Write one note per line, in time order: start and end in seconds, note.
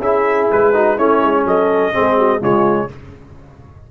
0.00 0.48 C#4
0.00 0.74 E4
0.00 0.74 G#4
0.00 0.50 E5
0.52 0.99 G#3
0.52 0.98 B4
0.74 0.98 D#4
0.74 0.96 F#4
0.96 1.23 A3
0.96 1.93 C#4
0.96 1.44 E4
0.96 1.46 C#5
1.23 1.45 G#3
1.45 1.93 F#3
1.45 1.94 A4
1.45 2.43 D#5
1.93 2.41 C4
1.93 2.17 G#4
2.00 2.41 G#3
2.17 2.41 F#4
2.41 2.89 C#3
2.41 2.89 G#3
2.41 2.89 F4
2.41 2.91 C#5